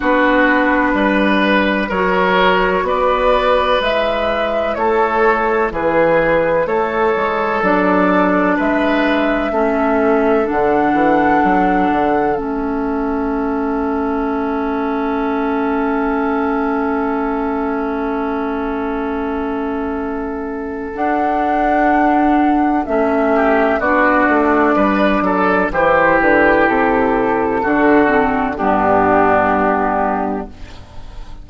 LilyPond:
<<
  \new Staff \with { instrumentName = "flute" } { \time 4/4 \tempo 4 = 63 b'2 cis''4 d''4 | e''4 cis''4 b'4 cis''4 | d''4 e''2 fis''4~ | fis''4 e''2.~ |
e''1~ | e''2 fis''2 | e''4 d''2 c''8 b'8 | a'2 g'2 | }
  \new Staff \with { instrumentName = "oboe" } { \time 4/4 fis'4 b'4 ais'4 b'4~ | b'4 a'4 gis'4 a'4~ | a'4 b'4 a'2~ | a'1~ |
a'1~ | a'1~ | a'8 g'8 fis'4 b'8 a'8 g'4~ | g'4 fis'4 d'2 | }
  \new Staff \with { instrumentName = "clarinet" } { \time 4/4 d'2 fis'2 | e'1 | d'2 cis'4 d'4~ | d'4 cis'2.~ |
cis'1~ | cis'2 d'2 | cis'4 d'2 e'4~ | e'4 d'8 c'8 b2 | }
  \new Staff \with { instrumentName = "bassoon" } { \time 4/4 b4 g4 fis4 b4 | gis4 a4 e4 a8 gis8 | fis4 gis4 a4 d8 e8 | fis8 d8 a2.~ |
a1~ | a2 d'2 | a4 b8 a8 g8 fis8 e8 d8 | c4 d4 g,2 | }
>>